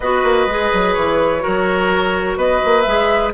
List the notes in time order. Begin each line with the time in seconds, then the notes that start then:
0.00 B3 F#4 B4 D#5
0.23 A#3
0.46 G#3 G#4
0.73 F#3
0.94 E3 C#5
1.40 F#4 A#4
1.46 F#3
2.36 B3 B4 D#5
2.64 A#3
2.81 G#3 G#4 E5